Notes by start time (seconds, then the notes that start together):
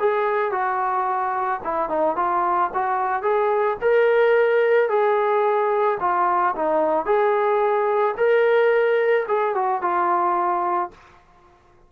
0.00 G#4
0.52 F#4
1.64 E4
1.90 D#4
2.16 F4
2.74 F#4
3.23 G#4
3.82 A#4
4.89 G#4
6.00 F4
6.56 D#4
7.06 G#4
8.17 A#4
9.29 G#4
9.55 F#4
9.82 F4